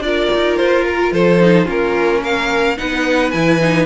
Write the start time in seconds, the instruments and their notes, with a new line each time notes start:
0.00 cello D4, viola F4, violin A#4 D5
0.35 cello D#4
0.57 cello F4, violin C5
0.86 violin A#4
1.12 cello F3, violin A4 C5
1.41 viola D#4
1.65 cello A#3, viola C#4, violin F4 A#4
2.22 violin A#4 F5
2.77 cello B3, viola D#4, violin B4 F#5
3.31 cello E3, viola E4, violin G#5
3.61 viola D#4